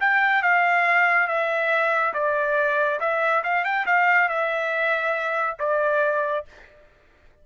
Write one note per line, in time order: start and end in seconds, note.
0.00 0.42 G5
0.42 1.27 F5
1.27 2.13 E5
2.14 2.99 D5
3.00 3.42 E5
3.43 3.64 F5
3.64 3.85 G5
3.86 4.28 F5
4.28 5.57 E5
5.59 6.45 D5